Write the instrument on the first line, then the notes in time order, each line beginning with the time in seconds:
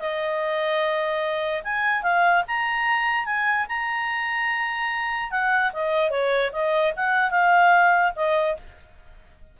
clarinet
0.00 D#5
1.64 G#5
2.03 F5
2.48 A#5
3.26 G#5
3.69 A#5
5.32 F#5
5.73 D#5
6.11 C#5
6.53 D#5
6.97 F#5
7.31 F5
8.17 D#5